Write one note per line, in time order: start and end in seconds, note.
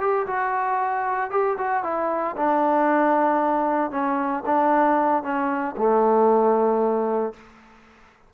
0.00 0.26 G4
0.27 1.31 F#4
1.31 1.57 G4
1.58 1.83 F#4
1.83 2.35 E4
2.36 3.91 D4
3.91 4.43 C#4
4.46 5.23 D4
5.23 5.75 C#4
5.77 7.33 A3